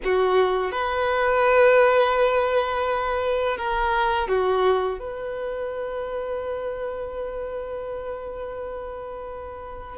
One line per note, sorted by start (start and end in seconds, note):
0.04 0.71 F#4
0.71 3.57 B4
3.57 4.28 A#4
4.28 4.99 F#4
4.99 9.97 B4